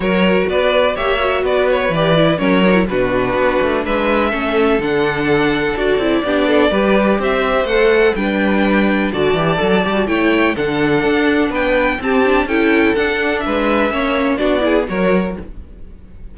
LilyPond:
<<
  \new Staff \with { instrumentName = "violin" } { \time 4/4 \tempo 4 = 125 cis''4 d''4 e''4 d''8 cis''8 | d''4 cis''4 b'2 | e''2 fis''2 | d''2. e''4 |
fis''4 g''2 a''4~ | a''4 g''4 fis''2 | g''4 a''4 g''4 fis''4 | e''2 d''4 cis''4 | }
  \new Staff \with { instrumentName = "violin" } { \time 4/4 ais'4 b'4 cis''4 b'4~ | b'4 ais'4 fis'2 | b'4 a'2.~ | a'4 g'8 a'8 b'4 c''4~ |
c''4 b'2 d''4~ | d''4 cis''4 a'2 | b'4 g'4 a'2 | b'4 cis''4 fis'8 gis'8 ais'4 | }
  \new Staff \with { instrumentName = "viola" } { \time 4/4 fis'2 g'8 fis'4. | g'8 e'8 cis'8 d'16 e'16 d'2~ | d'4 cis'4 d'2 | fis'8 e'8 d'4 g'2 |
a'4 d'2 fis'8 g'8 | a'8 g'16 fis'16 e'4 d'2~ | d'4 c'8 d'8 e'4 d'4~ | d'4 cis'4 d'8 e'8 fis'4 | }
  \new Staff \with { instrumentName = "cello" } { \time 4/4 fis4 b4 ais4 b4 | e4 fis4 b,4 b8 a8 | gis4 a4 d2 | d'8 c'8 b4 g4 c'4 |
a4 g2 d8 e8 | fis8 g8 a4 d4 d'4 | b4 c'4 cis'4 d'4 | gis4 ais4 b4 fis4 | }
>>